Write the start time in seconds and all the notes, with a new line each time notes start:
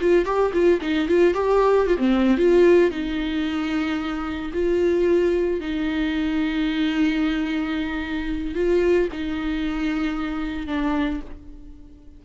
0.00 F4
0.25 G4
0.53 F4
0.81 D#4
1.08 F4
1.34 G4
1.86 F4
1.97 C4
2.37 F4
2.91 D#4
4.53 F4
5.60 D#4
8.54 F4
9.12 D#4
10.67 D4